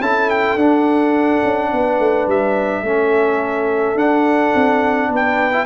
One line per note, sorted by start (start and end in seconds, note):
0.00 0.55 C#4
0.00 0.58 E4
0.00 1.71 A4
0.00 0.30 A5
0.30 0.58 G5
0.55 1.40 D4
0.55 2.85 D4
0.55 2.28 F#5
1.44 1.72 C#4
1.72 1.99 B3
1.72 2.85 B4
1.99 2.27 A3
2.27 2.82 G3
2.27 3.98 E5
2.82 3.95 A3
2.82 3.97 C#4
2.82 5.10 A4
3.95 4.51 D4
3.95 5.52 D4
3.95 5.11 F#5
4.55 5.09 C4
5.09 5.65 B3
5.09 5.65 B4
5.15 5.65 G5
5.52 5.65 E4